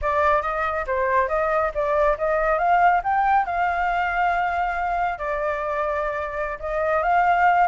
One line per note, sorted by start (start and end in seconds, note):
0.01 0.42 D5
0.42 0.85 D#5
0.86 1.28 C5
1.28 1.71 D#5
1.74 2.17 D5
2.17 2.58 D#5
2.58 3.01 F5
3.03 3.45 G5
3.45 5.18 F5
5.18 6.58 D5
6.59 7.02 D#5
7.02 7.67 F5